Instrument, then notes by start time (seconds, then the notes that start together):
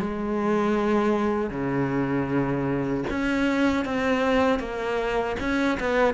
cello
0.00 G#3
1.50 C#3
3.10 C#4
3.85 C4
4.59 A#3
5.40 C#4
5.79 B3